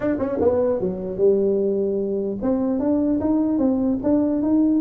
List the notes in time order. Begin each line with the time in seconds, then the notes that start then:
0.00 D4
0.19 C#4
0.41 B3
0.80 F#3
1.17 G3
2.42 C4
2.79 D4
3.20 D#4
3.58 C4
4.03 D4
4.42 D#4